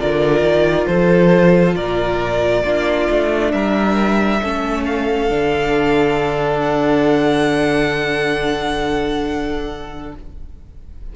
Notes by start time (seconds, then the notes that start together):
0.00 D3 F4 A#4 D5
0.42 D#3
0.87 F3 A4 C5
1.76 A#2 A#4 D5
2.64 A#3 D4 F4
3.11 A3
3.52 G3 A#4 E5
4.42 A3 C#4 A4
4.85 F5
5.29 D3 D4
6.60 F#5